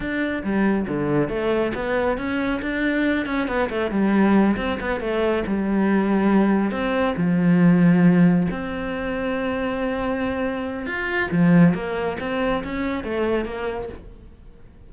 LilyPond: \new Staff \with { instrumentName = "cello" } { \time 4/4 \tempo 4 = 138 d'4 g4 d4 a4 | b4 cis'4 d'4. cis'8 | b8 a8 g4. c'8 b8 a8~ | a8 g2. c'8~ |
c'8 f2. c'8~ | c'1~ | c'4 f'4 f4 ais4 | c'4 cis'4 a4 ais4 | }